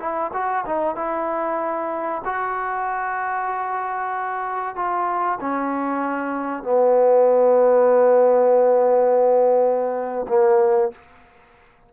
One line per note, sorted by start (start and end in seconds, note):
0.00 0.32 E4
0.33 0.65 F#4
0.67 0.96 D#4
0.96 2.22 E4
2.25 4.76 F#4
4.76 5.39 F4
5.41 6.64 C#4
6.64 10.27 B3
10.29 10.92 A#3